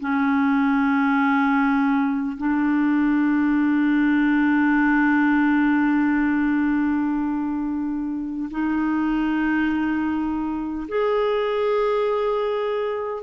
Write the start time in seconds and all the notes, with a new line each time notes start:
0.00 C#4
2.37 D4
8.50 D#4
10.88 G#4